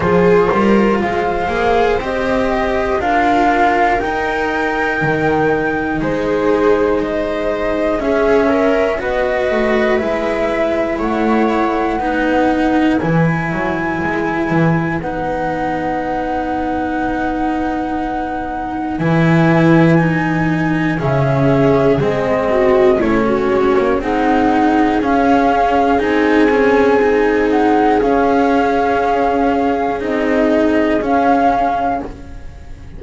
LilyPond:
<<
  \new Staff \with { instrumentName = "flute" } { \time 4/4 \tempo 4 = 60 c''4 f''4 dis''4 f''4 | g''2 c''4 dis''4 | e''4 dis''4 e''4 fis''4~ | fis''4 gis''2 fis''4~ |
fis''2. gis''4~ | gis''4 e''4 dis''4 cis''4 | fis''4 f''4 gis''4. fis''8 | f''2 dis''4 f''4 | }
  \new Staff \with { instrumentName = "viola" } { \time 4/4 gis'8 ais'8 c''2 ais'4~ | ais'2 gis'4 c''4 | gis'8 ais'8 b'2 cis''4 | b'1~ |
b'1~ | b'4 gis'4. fis'8 e'16 fis'8. | gis'1~ | gis'1 | }
  \new Staff \with { instrumentName = "cello" } { \time 4/4 f'4. gis'8 g'4 f'4 | dis'1 | cis'4 fis'4 e'2 | dis'4 e'2 dis'4~ |
dis'2. e'4 | dis'4 cis'4 c'4 cis'4 | dis'4 cis'4 dis'8 cis'8 dis'4 | cis'2 dis'4 cis'4 | }
  \new Staff \with { instrumentName = "double bass" } { \time 4/4 f8 g8 gis8 ais8 c'4 d'4 | dis'4 dis4 gis2 | cis'4 b8 a8 gis4 a4 | b4 e8 fis8 gis8 e8 b4~ |
b2. e4~ | e4 cis4 gis4 a8 gis16 ais16 | c'4 cis'4 c'2 | cis'2 c'4 cis'4 | }
>>